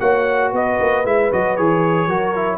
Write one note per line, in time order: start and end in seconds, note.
0.00 0.53 A#3
0.00 1.05 F#4
0.00 0.51 C#5
0.00 0.52 F#5
0.51 0.79 B3
0.51 2.08 B4
0.51 1.07 D#5
0.81 1.05 A#3
1.05 1.31 G#3
1.05 1.31 E4
1.05 1.33 E5
1.32 1.59 F#3
1.32 1.58 F#4
1.32 1.57 D#5
1.57 2.08 E3
1.57 2.10 G#4
1.57 2.58 C#5
2.08 2.58 F#3
2.08 2.36 F#4
2.08 2.58 A#4
2.36 2.58 E4